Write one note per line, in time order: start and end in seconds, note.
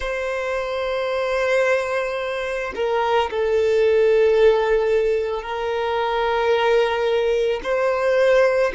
0.00 2.73 C5
2.75 3.30 A#4
3.30 5.42 A4
5.42 7.60 A#4
7.63 8.72 C5